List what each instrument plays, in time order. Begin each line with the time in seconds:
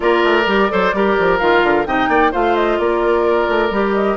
0.00 bassoon A#3, clarinet F4, oboe A#4, flute D5
0.23 bassoon A3
0.46 bassoon G3, clarinet G4
0.69 bassoon F#3, clarinet A4, oboe C5
0.93 bassoon G3, clarinet G4, oboe A#4
1.19 bassoon F3
1.38 bassoon D#3, clarinet F4, flute F5
1.63 bassoon D3
1.85 bassoon C3, clarinet D#4, oboe D#5, flute G5
2.08 bassoon A#3, oboe D5
2.31 bassoon A3, clarinet F4, oboe C5, flute F5
2.55 flute D#5
2.78 bassoon A#3, oboe A#4, flute D5
3.48 bassoon A3
3.70 bassoon G3, clarinet G4
3.94 flute D#5